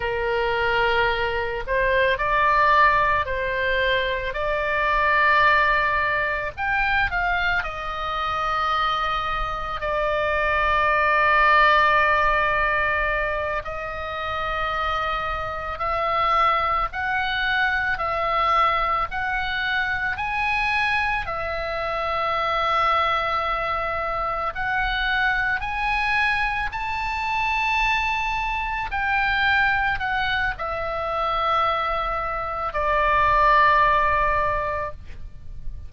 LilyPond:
\new Staff \with { instrumentName = "oboe" } { \time 4/4 \tempo 4 = 55 ais'4. c''8 d''4 c''4 | d''2 g''8 f''8 dis''4~ | dis''4 d''2.~ | d''8 dis''2 e''4 fis''8~ |
fis''8 e''4 fis''4 gis''4 e''8~ | e''2~ e''8 fis''4 gis''8~ | gis''8 a''2 g''4 fis''8 | e''2 d''2 | }